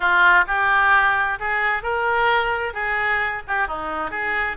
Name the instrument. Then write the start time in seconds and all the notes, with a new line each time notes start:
oboe
0.00 F4
0.47 G4
1.39 G#4
1.82 A#4
2.73 G#4
3.47 G4
3.67 D#4
4.11 G#4